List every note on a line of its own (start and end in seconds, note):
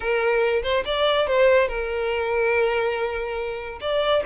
0.00 0.62 A#4
0.63 0.84 C5
0.85 1.27 D5
1.27 1.68 C5
1.68 3.79 A#4
3.80 4.23 D5